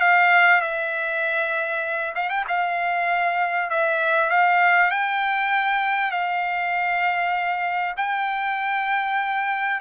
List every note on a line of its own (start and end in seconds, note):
0.00 0.61 F5
0.61 2.14 E5
2.15 2.30 F5
2.30 2.45 G5
2.48 3.70 F5
3.70 4.30 E5
4.30 4.91 F5
4.91 6.11 G5
6.11 7.95 F5
7.97 9.80 G5